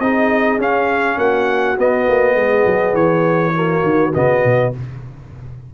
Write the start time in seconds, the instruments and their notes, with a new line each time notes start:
0.00 tuba C4, trombone D#4, horn G#4, trumpet D#5
0.58 tuba C#4, trombone C#4, trumpet F5
1.18 tuba A#3, horn F#4, trumpet F#5
1.77 trombone B3, tuba B3, trumpet D#5
2.09 tuba A#3
2.34 tuba G#3, horn G#4
2.66 tuba F#3
2.94 tuba E3, trumpet C#5
3.54 trombone A#3, horn F#4
3.84 tuba D#3
4.14 tuba C#3, trombone B3, trumpet D#5
4.45 tuba B2